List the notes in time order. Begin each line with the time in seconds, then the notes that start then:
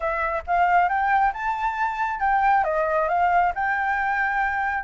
0.00 E5
0.47 F5
0.88 G5
1.33 A5
2.20 G5
2.64 D#5
3.08 F5
3.54 G5